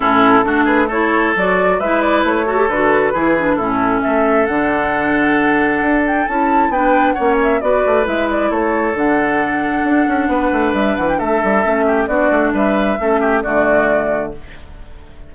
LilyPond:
<<
  \new Staff \with { instrumentName = "flute" } { \time 4/4 \tempo 4 = 134 a'4. b'8 cis''4 d''4 | e''8 d''8 cis''4 b'2 | a'4 e''4 fis''2~ | fis''4. g''8 a''4 g''4 |
fis''8 e''8 d''4 e''8 d''8 cis''4 | fis''1 | e''8 fis''16 g''16 e''2 d''4 | e''2 d''2 | }
  \new Staff \with { instrumentName = "oboe" } { \time 4/4 e'4 fis'8 gis'8 a'2 | b'4. a'4. gis'4 | e'4 a'2.~ | a'2. b'4 |
cis''4 b'2 a'4~ | a'2. b'4~ | b'4 a'4. g'8 fis'4 | b'4 a'8 g'8 fis'2 | }
  \new Staff \with { instrumentName = "clarinet" } { \time 4/4 cis'4 d'4 e'4 fis'4 | e'4. fis'16 g'16 fis'4 e'8 d'8 | cis'2 d'2~ | d'2 e'4 d'4 |
cis'4 fis'4 e'2 | d'1~ | d'2 cis'4 d'4~ | d'4 cis'4 a2 | }
  \new Staff \with { instrumentName = "bassoon" } { \time 4/4 a,4 a2 fis4 | gis4 a4 d4 e4 | a,4 a4 d2~ | d4 d'4 cis'4 b4 |
ais4 b8 a8 gis4 a4 | d2 d'8 cis'8 b8 a8 | g8 e8 a8 g8 a4 b8 a8 | g4 a4 d2 | }
>>